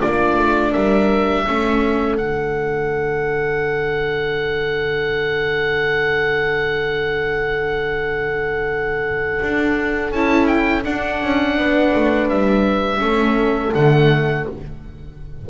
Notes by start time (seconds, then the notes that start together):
0.00 A#3 D4 F4 D5
0.37 A3
0.71 G3 A#4 E5
1.45 A3 C#4 A4
2.17 D3 D4 F#5
9.42 D4
10.11 C#4 E4 A5
10.47 G5
10.83 D4 F#5
11.22 C#4
11.57 B3 B4
11.95 A3
12.29 G3 E5
12.98 A3 C#4 A4
13.74 D3 A3 F#5